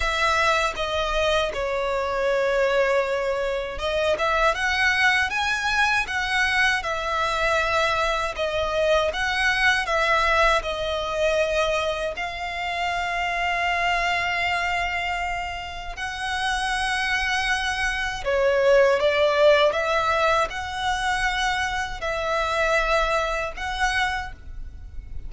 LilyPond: \new Staff \with { instrumentName = "violin" } { \time 4/4 \tempo 4 = 79 e''4 dis''4 cis''2~ | cis''4 dis''8 e''8 fis''4 gis''4 | fis''4 e''2 dis''4 | fis''4 e''4 dis''2 |
f''1~ | f''4 fis''2. | cis''4 d''4 e''4 fis''4~ | fis''4 e''2 fis''4 | }